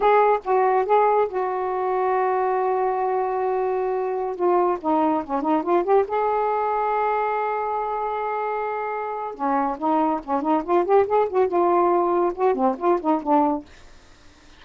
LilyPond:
\new Staff \with { instrumentName = "saxophone" } { \time 4/4 \tempo 4 = 141 gis'4 fis'4 gis'4 fis'4~ | fis'1~ | fis'2~ fis'16 f'4 dis'8.~ | dis'16 cis'8 dis'8 f'8 g'8 gis'4.~ gis'16~ |
gis'1~ | gis'2 cis'4 dis'4 | cis'8 dis'8 f'8 g'8 gis'8 fis'8 f'4~ | f'4 fis'8 c'8 f'8 dis'8 d'4 | }